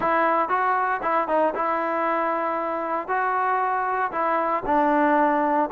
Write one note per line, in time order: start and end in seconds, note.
0.00 0.49 E4
0.49 1.00 F#4
1.02 1.28 E4
1.28 1.54 D#4
1.54 3.08 E4
3.08 4.11 F#4
4.11 4.63 E4
4.66 5.69 D4